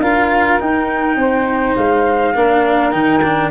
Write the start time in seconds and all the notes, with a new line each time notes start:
0.00 D4 F4 A#4 F5
0.59 D#4 G5
1.16 C4 C5
1.76 G#3 F5
2.35 A#3 D4 A#4
2.91 D#3 D#4 G5
3.23 D4